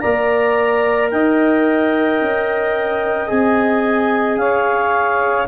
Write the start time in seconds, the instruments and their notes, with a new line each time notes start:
0.00 tuba A#3, trombone A#4, saxophone D5, clarinet A#5
1.10 tuba D#4, saxophone D#5, clarinet G5
2.21 tuba C#4
3.27 tuba C4, trombone G#4, clarinet G#5
4.36 tuba C#4, saxophone C#5, clarinet F5